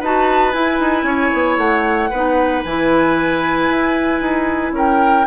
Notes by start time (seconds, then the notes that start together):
0.00 D#4 F#4 B4 A5
0.52 E4 G#5
0.80 D#4
1.03 C#4 C#5
1.33 B3
1.57 A3 F#5
2.10 B3 D#4 B4
2.64 E3 E4 G#5
3.69 E4
4.21 D#4
4.72 C#4 A#4 G5